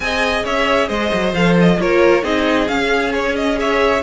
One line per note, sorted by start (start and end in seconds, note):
0.00 0.44 C4
0.00 1.34 G#4
0.00 0.44 D#5
0.00 0.45 G#5
0.44 0.89 C#4
0.44 0.88 C#5
0.44 0.88 E5
0.88 1.11 G#3
0.88 1.77 C5
0.88 1.33 D#5
1.13 1.33 F#3
1.33 1.78 F3
1.33 1.79 A4
1.33 1.57 F5
1.60 1.80 D#5
1.79 2.23 A#3
1.79 2.22 F4
1.79 2.23 A#4
1.79 2.24 C#5
2.22 2.68 C4
2.22 2.67 D#4
2.22 3.57 G#4
2.22 2.67 D#5
2.67 3.54 C#4
2.67 4.02 C#4
2.67 3.12 F5
3.13 3.36 C#5
3.36 3.58 D#5
3.54 3.98 G#4
3.54 4.02 C#5
3.54 4.02 E5